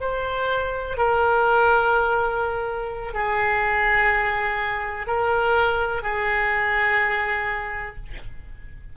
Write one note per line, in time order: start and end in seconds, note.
0.00 0.97 C5
0.97 3.13 A#4
3.13 5.07 G#4
5.07 6.02 A#4
6.02 7.96 G#4